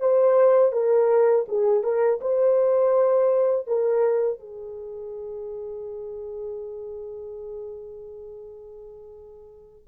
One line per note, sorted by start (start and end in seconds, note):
0.00 0.73 C5
0.73 1.46 A#4
1.48 1.84 G#4
1.84 2.20 A#4
2.21 3.67 C5
3.67 4.40 A#4
4.40 9.88 G#4